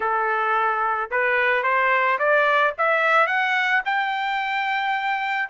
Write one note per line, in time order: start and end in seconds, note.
0.00 1.10 A4
1.10 1.63 B4
1.63 2.18 C5
2.19 2.74 D5
2.78 3.27 E5
3.27 3.82 F#5
3.85 5.49 G5